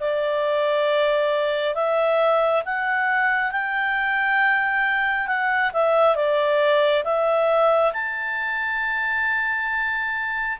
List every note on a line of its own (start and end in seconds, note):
0.00 1.75 D5
1.75 2.63 E5
2.66 3.52 F#5
3.52 5.27 G5
5.27 5.71 F#5
5.74 6.16 E5
6.16 7.04 D5
7.04 7.93 E5
7.94 10.58 A5